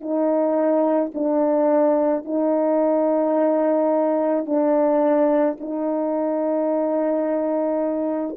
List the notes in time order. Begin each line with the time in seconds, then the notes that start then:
0.00 D#4
1.14 D4
2.24 D#4
4.45 D4
5.60 D#4